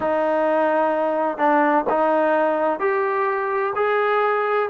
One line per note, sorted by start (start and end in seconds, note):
0.00 1.37 D#4
1.37 1.84 D4
1.89 2.79 D#4
2.79 3.73 G4
3.75 4.69 G#4